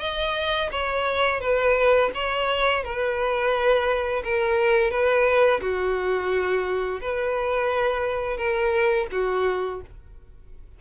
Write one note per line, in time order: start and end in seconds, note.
0.00 0.70 D#5
0.72 1.41 C#5
1.41 2.11 B4
2.15 2.84 C#5
2.84 4.23 B4
4.24 4.91 A#4
4.91 5.61 B4
5.61 7.01 F#4
7.01 8.38 B4
8.38 9.07 A#4
9.12 9.81 F#4